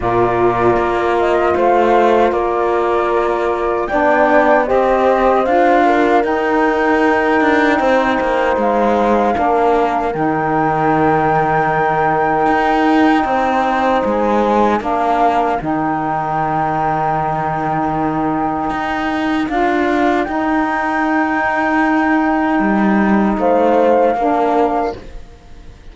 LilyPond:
<<
  \new Staff \with { instrumentName = "flute" } { \time 4/4 \tempo 4 = 77 d''4. dis''8 f''4 d''4~ | d''4 g''4 dis''4 f''4 | g''2. f''4~ | f''4 g''2.~ |
g''2 gis''4 f''4 | g''1~ | g''4 f''4 g''2~ | g''2 f''2 | }
  \new Staff \with { instrumentName = "horn" } { \time 4/4 ais'2 c''4 ais'4~ | ais'4 d''4 c''4. ais'8~ | ais'2 c''2 | ais'1~ |
ais'4 c''2 ais'4~ | ais'1~ | ais'1~ | ais'2 c''4 ais'4 | }
  \new Staff \with { instrumentName = "saxophone" } { \time 4/4 f'1~ | f'4 d'4 g'4 f'4 | dis'1 | d'4 dis'2.~ |
dis'2. d'4 | dis'1~ | dis'4 f'4 dis'2~ | dis'2. d'4 | }
  \new Staff \with { instrumentName = "cello" } { \time 4/4 ais,4 ais4 a4 ais4~ | ais4 b4 c'4 d'4 | dis'4. d'8 c'8 ais8 gis4 | ais4 dis2. |
dis'4 c'4 gis4 ais4 | dis1 | dis'4 d'4 dis'2~ | dis'4 g4 a4 ais4 | }
>>